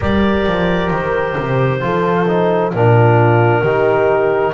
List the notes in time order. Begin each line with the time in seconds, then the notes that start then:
0.00 G3 G4 A#4 D5
0.46 F3
0.91 D#3 C5
1.37 C3
1.80 F3 F4 A4
2.27 D#4
2.73 A#2 D4 F4 A#4
3.61 D#3 D#4 G4